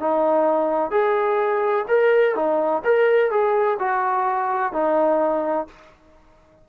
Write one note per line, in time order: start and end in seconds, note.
0.00 0.91 D#4
0.91 1.86 G#4
1.89 2.35 A#4
2.35 2.83 D#4
2.85 3.31 A#4
3.31 3.78 G#4
3.79 4.73 F#4
4.73 5.68 D#4